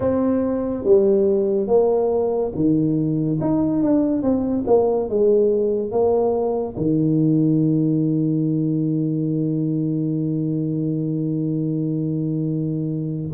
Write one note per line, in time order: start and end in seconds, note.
0.00 0.84 C4
0.84 1.67 G3
1.67 2.51 A#3
2.54 3.39 D#3
3.40 3.82 D#4
3.82 4.22 D4
4.22 4.64 C4
4.67 5.09 A#3
5.09 5.91 G#3
5.91 6.75 A#3
6.76 13.31 D#3